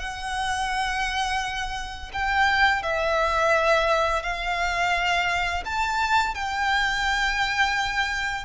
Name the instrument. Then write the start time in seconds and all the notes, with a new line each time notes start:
violin
0.00 F#5
2.13 G5
2.83 E5
4.23 F5
5.65 A5
6.35 G5